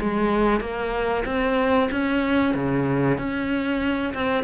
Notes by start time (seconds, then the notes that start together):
0.00 G#3
0.60 A#3
1.25 C4
1.91 C#4
2.54 C#3
3.18 C#4
4.14 C4